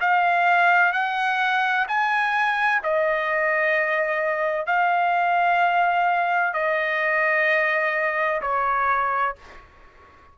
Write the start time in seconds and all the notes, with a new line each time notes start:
0.00 F5
0.92 F#5
1.88 G#5
2.83 D#5
4.66 F5
6.53 D#5
8.42 C#5